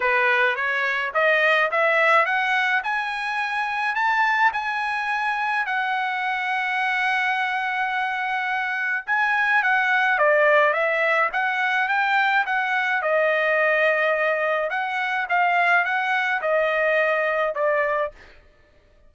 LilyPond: \new Staff \with { instrumentName = "trumpet" } { \time 4/4 \tempo 4 = 106 b'4 cis''4 dis''4 e''4 | fis''4 gis''2 a''4 | gis''2 fis''2~ | fis''1 |
gis''4 fis''4 d''4 e''4 | fis''4 g''4 fis''4 dis''4~ | dis''2 fis''4 f''4 | fis''4 dis''2 d''4 | }